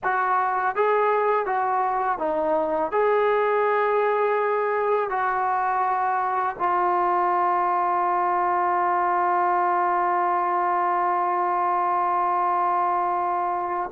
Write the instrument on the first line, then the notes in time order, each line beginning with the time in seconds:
trombone
0.03 F#4
0.75 G#4
1.45 F#4
2.18 D#4
2.91 G#4
5.09 F#4
6.58 F4